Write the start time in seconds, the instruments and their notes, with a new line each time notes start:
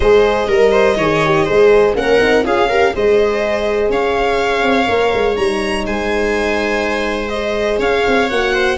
0.00 tuba G#3, horn G#4, viola C5, violin D#5
0.48 tuba G3, viola A#4, horn A#4
0.71 viola C5
0.96 tuba D#3, horn G#4, viola C#5
1.24 horn G4
1.44 tuba G#3, horn G#4, viola C5
1.94 tuba A#3, horn C#4, viola A#4, violin F#5
2.19 tuba C4, horn D#4
2.42 tuba C#4, horn F4, viola G#4, violin F5
2.69 horn G4, viola A#4
2.92 tuba G#3, horn G#4, viola C5, violin D#5
3.89 tuba C#4, viola C#5, violin F5
4.62 tuba C4
4.86 tuba A#3, horn A#4
5.13 tuba G#3
5.35 tuba G3, horn D#4, violin A#5
5.86 tuba G#3, viola C5, violin G#5
7.28 horn G#4, violin D#5
7.78 tuba C#4, viola C#5, violin F5
8.07 tuba C4
8.29 tuba A#3, horn F#4, violin F#5
8.53 viola C5